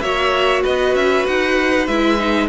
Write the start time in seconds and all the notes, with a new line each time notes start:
0.00 A#3 F#4 C#5 E5
0.62 B3 B4 D#5
0.94 C#4 E5
1.26 D#4 F#5
1.87 G#3 E4 E5
2.18 D#4